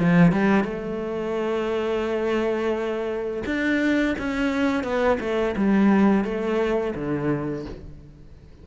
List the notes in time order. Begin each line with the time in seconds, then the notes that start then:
0.00 F3
0.32 G3
0.64 A3
3.46 D4
4.19 C#4
4.84 B3
5.20 A3
5.57 G3
6.25 A3
6.95 D3